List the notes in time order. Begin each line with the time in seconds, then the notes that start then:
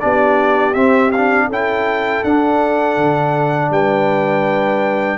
0.00 B3 D4 G4 D5
0.74 C4 E5
1.12 D4 F5
1.47 C#4 E4 A4 G5
2.24 D4 F#5
2.97 D3
3.71 G3 B4 G5